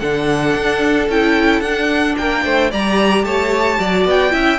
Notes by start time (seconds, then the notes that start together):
0.00 D3 D4 A4 F#5
0.56 D4
1.09 C#4 E4 G5
1.61 D4 F#5
2.18 A#3 A#4 G5
2.44 A3 C5
2.70 G3 G4 D5 A#5
3.24 A3 C#5 A5
3.79 F#3 F#4 D5
4.05 B3 G5
4.31 C#4 E4 E5